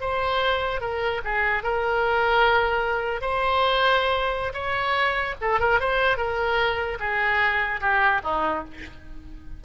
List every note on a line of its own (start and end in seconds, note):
0.00 0.80 C5
0.80 1.21 A#4
1.24 1.63 G#4
1.63 3.21 A#4
3.21 4.53 C5
4.54 5.35 C#5
5.41 5.59 A4
5.59 5.80 A#4
5.80 6.17 C5
6.17 6.98 A#4
6.99 7.80 G#4
7.80 8.21 G4
8.24 8.64 D#4